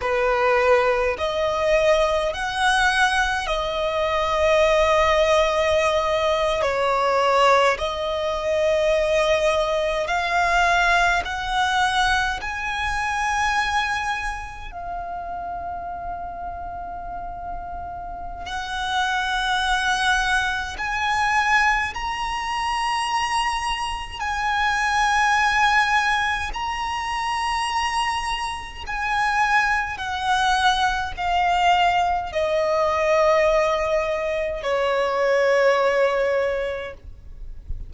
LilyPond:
\new Staff \with { instrumentName = "violin" } { \time 4/4 \tempo 4 = 52 b'4 dis''4 fis''4 dis''4~ | dis''4.~ dis''16 cis''4 dis''4~ dis''16~ | dis''8. f''4 fis''4 gis''4~ gis''16~ | gis''8. f''2.~ f''16 |
fis''2 gis''4 ais''4~ | ais''4 gis''2 ais''4~ | ais''4 gis''4 fis''4 f''4 | dis''2 cis''2 | }